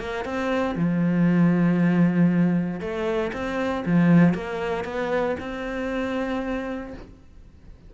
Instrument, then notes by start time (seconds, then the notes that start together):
cello
0.00 A#3
0.25 C4
0.76 F3
2.81 A3
3.33 C4
3.86 F3
4.34 A#3
4.85 B3
5.40 C4